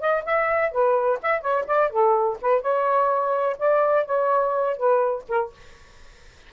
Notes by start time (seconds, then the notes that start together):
0.00 D#5
0.25 E5
0.71 B4
1.22 E5
1.41 C#5
1.67 D5
1.90 A4
2.41 B4
2.61 C#5
3.58 D5
4.05 C#5
4.76 B4
5.28 A#4